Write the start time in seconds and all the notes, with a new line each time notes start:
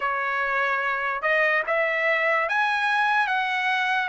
0.00 C#5
1.22 D#5
1.66 E5
2.48 G#5
3.27 F#5